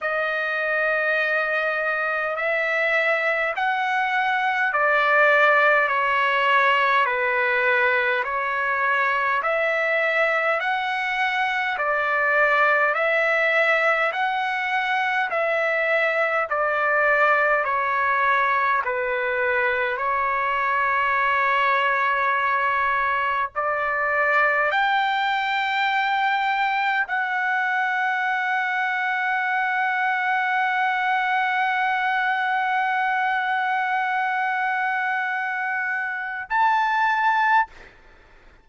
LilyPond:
\new Staff \with { instrumentName = "trumpet" } { \time 4/4 \tempo 4 = 51 dis''2 e''4 fis''4 | d''4 cis''4 b'4 cis''4 | e''4 fis''4 d''4 e''4 | fis''4 e''4 d''4 cis''4 |
b'4 cis''2. | d''4 g''2 fis''4~ | fis''1~ | fis''2. a''4 | }